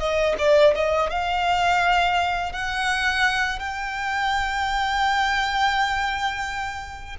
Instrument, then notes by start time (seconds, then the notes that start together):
violin
0.00 D#5
0.39 D5
0.76 D#5
1.11 F5
2.53 F#5
3.60 G5